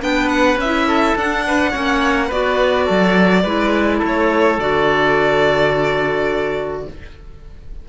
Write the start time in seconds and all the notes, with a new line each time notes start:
0.00 B3 D4 B4 G5
0.28 F#5
0.56 C#4 E5
0.64 E4
0.87 A4
1.15 D4 F#5
1.47 B4
1.71 A#3 C#4 C#5
2.27 B3 F#4 B4 D5
2.85 F#3 A4
3.43 G#3 E4 B4
3.98 A3 A4
4.06 C#5
4.58 D3 F#4 D5